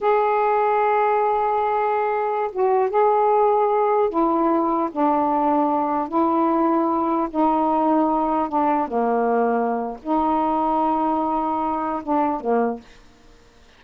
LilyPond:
\new Staff \with { instrumentName = "saxophone" } { \time 4/4 \tempo 4 = 150 gis'1~ | gis'2~ gis'16 fis'4 gis'8.~ | gis'2~ gis'16 e'4.~ e'16~ | e'16 d'2. e'8.~ |
e'2~ e'16 dis'4.~ dis'16~ | dis'4~ dis'16 d'4 ais4.~ ais16~ | ais4 dis'2.~ | dis'2 d'4 ais4 | }